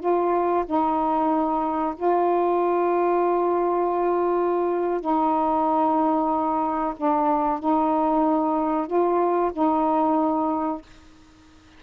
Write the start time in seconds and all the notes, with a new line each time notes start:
0.00 F4
0.66 D#4
1.96 F4
5.01 D#4
6.97 D4
7.60 D#4
8.87 F4
9.53 D#4